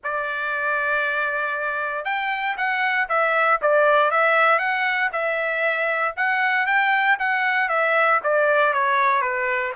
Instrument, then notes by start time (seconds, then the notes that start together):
trumpet
0.03 D5
2.04 G5
2.57 F#5
3.09 E5
3.61 D5
4.10 E5
4.59 F#5
5.12 E5
6.16 F#5
6.66 G5
7.19 F#5
7.69 E5
8.23 D5
8.73 C#5
9.21 B4